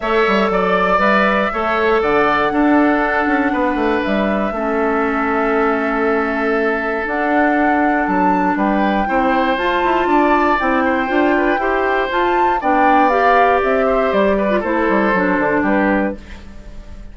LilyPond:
<<
  \new Staff \with { instrumentName = "flute" } { \time 4/4 \tempo 4 = 119 e''4 d''4 e''2 | fis''1 | e''1~ | e''2 fis''2 |
a''4 g''2 a''4~ | a''4 g''2. | a''4 g''4 f''4 e''4 | d''4 c''2 b'4 | }
  \new Staff \with { instrumentName = "oboe" } { \time 4/4 cis''4 d''2 cis''4 | d''4 a'2 b'4~ | b'4 a'2.~ | a'1~ |
a'4 b'4 c''2 | d''4. c''4 b'8 c''4~ | c''4 d''2~ d''8 c''8~ | c''8 b'8 a'2 g'4 | }
  \new Staff \with { instrumentName = "clarinet" } { \time 4/4 a'2 b'4 a'4~ | a'4 d'2.~ | d'4 cis'2.~ | cis'2 d'2~ |
d'2 e'4 f'4~ | f'4 e'4 f'4 g'4 | f'4 d'4 g'2~ | g'8. f'16 e'4 d'2 | }
  \new Staff \with { instrumentName = "bassoon" } { \time 4/4 a8 g8 fis4 g4 a4 | d4 d'4. cis'8 b8 a8 | g4 a2.~ | a2 d'2 |
fis4 g4 c'4 f'8 e'8 | d'4 c'4 d'4 e'4 | f'4 b2 c'4 | g4 a8 g8 fis8 d8 g4 | }
>>